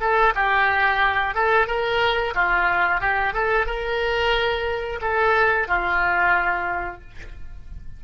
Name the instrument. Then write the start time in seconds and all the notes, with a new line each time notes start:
oboe
0.00 A4
0.35 G4
1.35 A4
1.67 A#4
2.35 F4
3.01 G4
3.33 A4
3.66 A#4
5.01 A4
5.68 F4